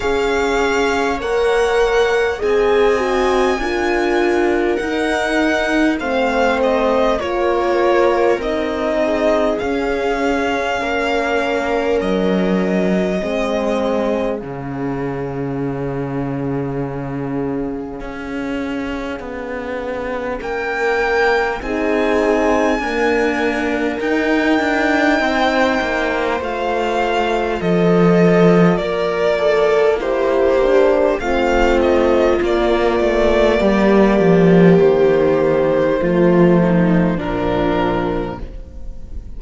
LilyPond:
<<
  \new Staff \with { instrumentName = "violin" } { \time 4/4 \tempo 4 = 50 f''4 fis''4 gis''2 | fis''4 f''8 dis''8 cis''4 dis''4 | f''2 dis''2 | f''1~ |
f''4 g''4 gis''2 | g''2 f''4 dis''4 | d''4 c''4 f''8 dis''8 d''4~ | d''4 c''2 ais'4 | }
  \new Staff \with { instrumentName = "viola" } { \time 4/4 cis''2 dis''4 ais'4~ | ais'4 c''4 ais'4. gis'8~ | gis'4 ais'2 gis'4~ | gis'1~ |
gis'4 ais'4 gis'4 ais'4~ | ais'4 c''2 a'4 | ais'8 a'8 g'4 f'2 | g'2 f'8 dis'8 d'4 | }
  \new Staff \with { instrumentName = "horn" } { \time 4/4 gis'4 ais'4 gis'8 fis'8 f'4 | dis'4 c'4 f'4 dis'4 | cis'2. c'4 | cis'1~ |
cis'2 dis'4 ais4 | dis'2 f'2~ | f'4 e'8 d'8 c'4 ais4~ | ais2 a4 f4 | }
  \new Staff \with { instrumentName = "cello" } { \time 4/4 cis'4 ais4 c'4 d'4 | dis'4 a4 ais4 c'4 | cis'4 ais4 fis4 gis4 | cis2. cis'4 |
b4 ais4 c'4 d'4 | dis'8 d'8 c'8 ais8 a4 f4 | ais2 a4 ais8 a8 | g8 f8 dis4 f4 ais,4 | }
>>